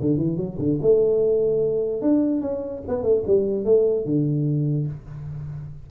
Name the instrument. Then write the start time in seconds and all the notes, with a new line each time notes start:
tuba
0.00 D3
0.17 E3
0.36 F#3
0.58 D3
0.81 A3
2.01 D4
2.41 C#4
2.87 B3
3.02 A3
3.26 G3
3.64 A3
4.05 D3